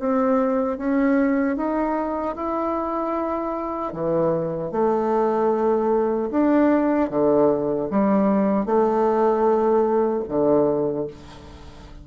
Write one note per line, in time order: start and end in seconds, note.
0.00 0.78 C4
0.78 1.57 C#4
1.57 2.36 D#4
2.36 3.93 E4
3.93 4.72 E3
4.72 6.30 A3
6.32 7.11 D4
7.11 7.89 D3
7.91 8.66 G3
8.66 10.24 A3
10.29 11.08 D3